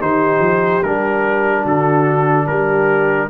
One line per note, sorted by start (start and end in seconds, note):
0.00 0.39 D#3
0.00 0.82 D#4
0.00 1.62 G4
0.00 0.83 C5
0.39 0.80 F3
0.83 1.65 G3
0.83 3.29 D4
0.83 1.65 A#4
1.62 2.47 D3
1.62 2.45 F#4
1.62 2.47 A4
2.46 3.29 G3
2.46 3.28 G4
2.46 3.29 A#4